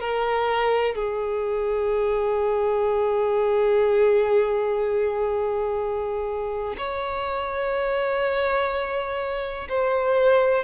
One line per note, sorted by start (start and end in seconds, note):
0.00 0.95 A#4
0.95 6.76 G#4
6.78 9.68 C#5
9.69 10.65 C5